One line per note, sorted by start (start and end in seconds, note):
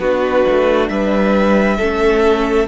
0.00 0.45 B3
0.00 1.80 D4
0.00 0.91 F#4
0.00 0.89 B4
0.50 0.90 A3
0.89 1.79 G3
0.89 1.78 B4
0.89 2.68 E5
1.78 2.68 A3
1.78 2.68 C#4
1.78 2.67 A4